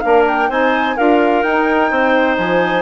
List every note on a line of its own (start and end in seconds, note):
0.00 0.49 A#3
0.00 0.50 D4
0.00 0.49 A#4
0.00 0.23 F5
0.28 0.51 G5
0.49 0.96 C4
0.49 0.97 D#4
0.49 0.96 C5
0.49 0.97 G#5
0.97 1.43 D4
0.97 1.44 F4
0.97 1.90 A#4
0.97 1.42 F5
1.42 1.90 D#4
1.42 2.82 D#4
1.42 2.36 G5
1.90 2.37 C4
1.90 2.82 C5
2.38 2.82 F3
2.38 2.82 G#5